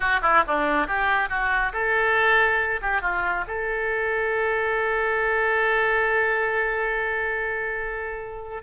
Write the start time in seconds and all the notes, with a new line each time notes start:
0.00 F#4
0.22 E4
0.47 D4
0.87 G4
1.29 F#4
1.72 A4
2.81 G4
3.01 F4
3.47 A4